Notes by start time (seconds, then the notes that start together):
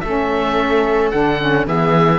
0.00 A3 C#4 A4 E5
1.11 D3 D4 F#5
1.39 C#4
1.66 E3 B3 G#4 E5